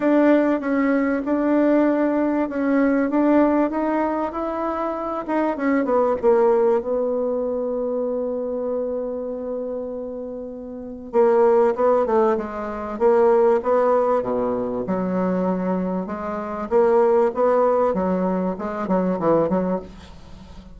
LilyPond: \new Staff \with { instrumentName = "bassoon" } { \time 4/4 \tempo 4 = 97 d'4 cis'4 d'2 | cis'4 d'4 dis'4 e'4~ | e'8 dis'8 cis'8 b8 ais4 b4~ | b1~ |
b2 ais4 b8 a8 | gis4 ais4 b4 b,4 | fis2 gis4 ais4 | b4 fis4 gis8 fis8 e8 fis8 | }